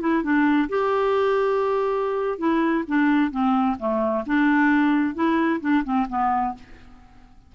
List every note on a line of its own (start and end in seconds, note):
0.00 0.23 E4
0.23 0.69 D4
0.69 2.38 G4
2.38 2.84 E4
2.87 3.31 D4
3.31 3.77 C4
3.79 4.24 A3
4.26 5.14 D4
5.14 5.60 E4
5.60 5.83 D4
5.84 6.07 C4
6.09 6.55 B3